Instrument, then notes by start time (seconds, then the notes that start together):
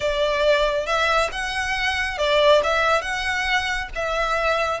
violin
0.00 D5
0.86 E5
1.32 F#5
2.18 D5
2.63 E5
3.01 F#5
3.95 E5